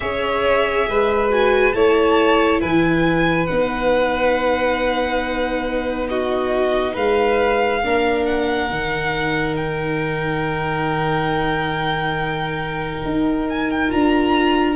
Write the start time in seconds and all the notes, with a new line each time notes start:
0.00 C#4 G#4 C#5 E5
0.87 G#3 B4
1.29 F#4 G#5
1.72 A3 E4 C#5 A5
2.60 E3 B4 G#5
3.46 B3 D#4 F#5
6.08 F#4 D#5
6.93 G#3 B4 F5
7.82 A#3 D4 A#4
8.25 F#5
8.70 D#3 D#4
9.56 G5
13.05 D#4
13.49 G#5
13.70 G5
13.88 D4 F4 A#5